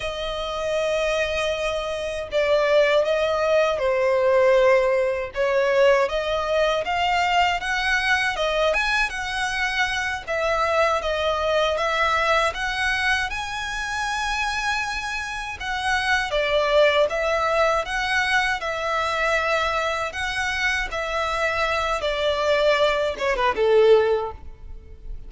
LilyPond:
\new Staff \with { instrumentName = "violin" } { \time 4/4 \tempo 4 = 79 dis''2. d''4 | dis''4 c''2 cis''4 | dis''4 f''4 fis''4 dis''8 gis''8 | fis''4. e''4 dis''4 e''8~ |
e''8 fis''4 gis''2~ gis''8~ | gis''8 fis''4 d''4 e''4 fis''8~ | fis''8 e''2 fis''4 e''8~ | e''4 d''4. cis''16 b'16 a'4 | }